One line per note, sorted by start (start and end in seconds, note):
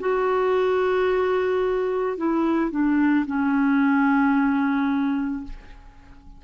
0.00 2.17 F#4
2.17 2.71 E4
2.71 3.25 D4
3.26 5.44 C#4